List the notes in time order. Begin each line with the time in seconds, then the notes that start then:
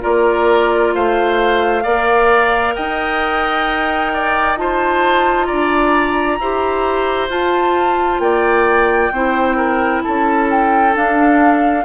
0.00 A#3 F4 A#4 D5
0.94 A3 C5 F5
1.83 A#3 A#4 D5
2.75 D#4 D#5 G5
4.13 D5
4.57 F4 C5 A5
5.45 D4 D5 A#5
6.39 E4 G4 C5
7.29 F4 A5
8.19 A#3 D5 G5
9.11 C4 E4 C5
9.56 A#4
10.02 C#4 A4 A5
10.50 G5
10.94 D4 F5